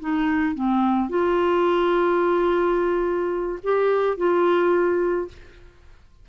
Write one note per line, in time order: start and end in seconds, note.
0.00 0.55 D#4
0.55 1.09 C4
1.09 3.59 F4
3.63 4.17 G4
4.17 5.28 F4